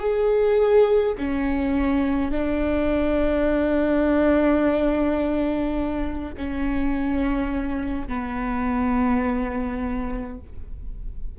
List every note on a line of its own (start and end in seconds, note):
0.00 1.15 G#4
1.19 2.31 C#4
2.31 6.35 D4
6.37 8.08 C#4
8.08 10.39 B3